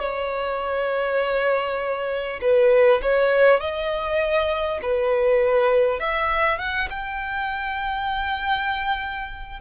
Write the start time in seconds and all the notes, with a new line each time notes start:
0.00 C#5
2.41 B4
3.02 C#5
3.60 D#5
4.82 B4
6.00 E5
6.58 F#5
6.90 G5